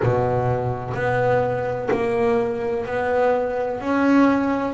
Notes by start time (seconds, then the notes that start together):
0.03 B2
0.94 B3
1.90 A#3
2.85 B3
3.81 C#4